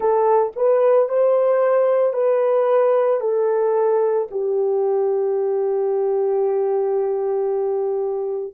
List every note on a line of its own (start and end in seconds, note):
0.00 0.52 A4
0.56 1.08 B4
1.08 2.13 C5
2.13 3.20 B4
3.20 4.27 A4
4.31 8.53 G4